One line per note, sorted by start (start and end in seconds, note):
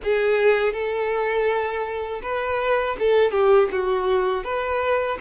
0.03 0.73 G#4
0.73 2.21 A4
2.22 2.96 B4
2.99 3.31 A4
3.31 3.68 G4
3.71 4.43 F#4
4.43 5.18 B4